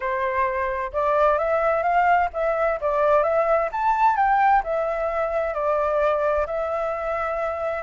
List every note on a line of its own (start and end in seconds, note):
0.00 0.91 C5
0.93 1.38 D5
1.38 1.83 E5
1.83 2.29 F5
2.33 2.79 E5
2.80 3.23 D5
3.23 3.69 E5
3.72 4.16 A5
4.16 4.62 G5
4.63 5.53 E5
5.53 6.46 D5
6.46 7.83 E5